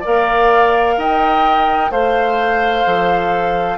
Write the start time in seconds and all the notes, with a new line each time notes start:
0.00 A#4 D5 F5
0.06 A#3
0.97 D#4 D#5 G5
1.91 A3 C5 F5
2.86 F3 A4